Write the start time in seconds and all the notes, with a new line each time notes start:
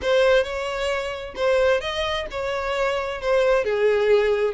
0.02 C5
0.43 C#5
1.35 C5
1.81 D#5
2.30 C#5
3.21 C5
3.64 G#4